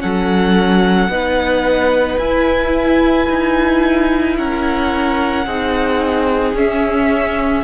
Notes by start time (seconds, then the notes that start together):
0.00 F#3 C#4 A4 F#5
1.08 B3 D#4 B4
2.17 E4 G#5
3.29 D#4
4.37 C#4 A#4 F#5
5.46 C4 D#4 G#4
6.54 C#4 E5